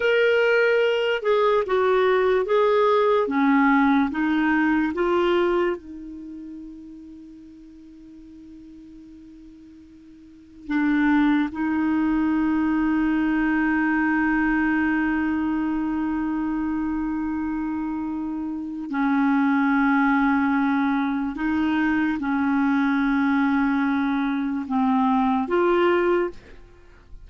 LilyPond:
\new Staff \with { instrumentName = "clarinet" } { \time 4/4 \tempo 4 = 73 ais'4. gis'8 fis'4 gis'4 | cis'4 dis'4 f'4 dis'4~ | dis'1~ | dis'4 d'4 dis'2~ |
dis'1~ | dis'2. cis'4~ | cis'2 dis'4 cis'4~ | cis'2 c'4 f'4 | }